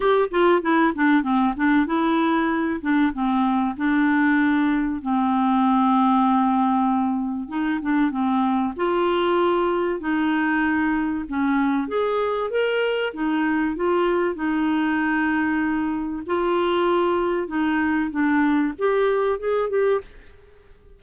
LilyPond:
\new Staff \with { instrumentName = "clarinet" } { \time 4/4 \tempo 4 = 96 g'8 f'8 e'8 d'8 c'8 d'8 e'4~ | e'8 d'8 c'4 d'2 | c'1 | dis'8 d'8 c'4 f'2 |
dis'2 cis'4 gis'4 | ais'4 dis'4 f'4 dis'4~ | dis'2 f'2 | dis'4 d'4 g'4 gis'8 g'8 | }